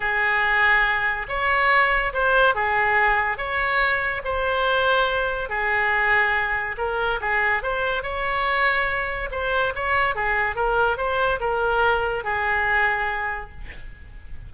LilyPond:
\new Staff \with { instrumentName = "oboe" } { \time 4/4 \tempo 4 = 142 gis'2. cis''4~ | cis''4 c''4 gis'2 | cis''2 c''2~ | c''4 gis'2. |
ais'4 gis'4 c''4 cis''4~ | cis''2 c''4 cis''4 | gis'4 ais'4 c''4 ais'4~ | ais'4 gis'2. | }